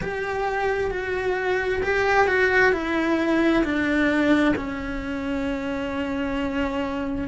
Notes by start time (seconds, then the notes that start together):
0.01 G4
0.90 F#4
1.82 G4
2.27 F#4
2.72 E4
3.64 D4
4.56 C#4